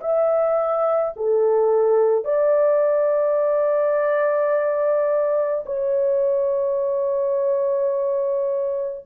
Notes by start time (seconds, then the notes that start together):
0.00 E5
1.16 A4
2.24 D5
5.66 C#5